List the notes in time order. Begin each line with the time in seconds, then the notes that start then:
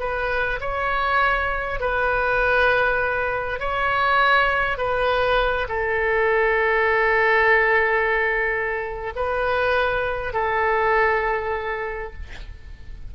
0.00 B4
0.61 C#5
1.80 B4
3.60 C#5
4.78 B4
5.69 A4
9.16 B4
10.33 A4